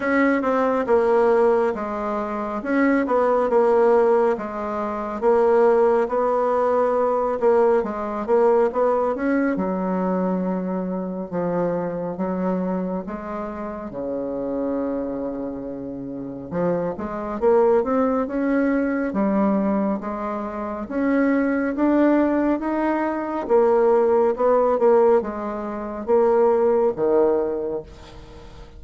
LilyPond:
\new Staff \with { instrumentName = "bassoon" } { \time 4/4 \tempo 4 = 69 cis'8 c'8 ais4 gis4 cis'8 b8 | ais4 gis4 ais4 b4~ | b8 ais8 gis8 ais8 b8 cis'8 fis4~ | fis4 f4 fis4 gis4 |
cis2. f8 gis8 | ais8 c'8 cis'4 g4 gis4 | cis'4 d'4 dis'4 ais4 | b8 ais8 gis4 ais4 dis4 | }